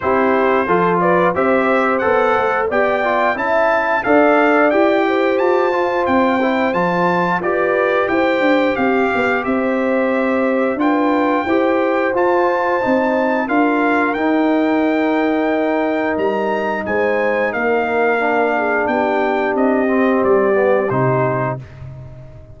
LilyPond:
<<
  \new Staff \with { instrumentName = "trumpet" } { \time 4/4 \tempo 4 = 89 c''4. d''8 e''4 fis''4 | g''4 a''4 f''4 g''4 | a''4 g''4 a''4 d''4 | g''4 f''4 e''2 |
g''2 a''2 | f''4 g''2. | ais''4 gis''4 f''2 | g''4 dis''4 d''4 c''4 | }
  \new Staff \with { instrumentName = "horn" } { \time 4/4 g'4 a'8 b'8 c''2 | d''4 e''4 d''4. c''8~ | c''2. b'4 | c''4 g'4 c''2 |
b'4 c''2. | ais'1~ | ais'4 c''4 ais'4. gis'8 | g'1 | }
  \new Staff \with { instrumentName = "trombone" } { \time 4/4 e'4 f'4 g'4 a'4 | g'8 f'8 e'4 a'4 g'4~ | g'8 f'4 e'8 f'4 g'4~ | g'1 |
f'4 g'4 f'4 dis'4 | f'4 dis'2.~ | dis'2. d'4~ | d'4. c'4 b8 dis'4 | }
  \new Staff \with { instrumentName = "tuba" } { \time 4/4 c'4 f4 c'4 b8 a8 | b4 cis'4 d'4 e'4 | f'4 c'4 f4 f'4 | e'8 d'8 c'8 b8 c'2 |
d'4 e'4 f'4 c'4 | d'4 dis'2. | g4 gis4 ais2 | b4 c'4 g4 c4 | }
>>